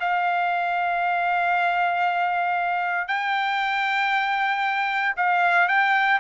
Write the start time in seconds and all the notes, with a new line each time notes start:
0.00 F5
3.08 G5
5.17 F5
5.68 G5